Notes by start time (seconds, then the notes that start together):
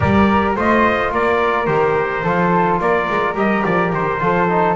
0.00 G3 G4 A#4 D5
0.55 A3 F4 C5 D#5
1.11 A#3 A#4 D5
1.66 D#3 G4 C5
2.23 F3 F4 A4
2.79 A#3 A#4 D5
3.09 G#3
3.34 G3 G4 D#5
3.64 F3 D5
3.92 D#3 C5
4.19 F3 F4 A4
4.49 D#4